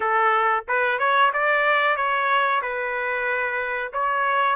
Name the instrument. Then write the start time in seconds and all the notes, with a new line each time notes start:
trumpet
0.00 A4
0.68 B4
0.98 C#5
1.33 D5
1.96 C#5
2.61 B4
3.92 C#5